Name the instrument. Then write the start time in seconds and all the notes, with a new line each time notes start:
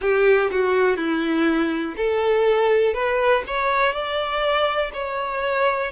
violin
0.01 G4
0.51 F#4
0.97 E4
1.96 A4
2.94 B4
3.47 C#5
3.92 D5
4.93 C#5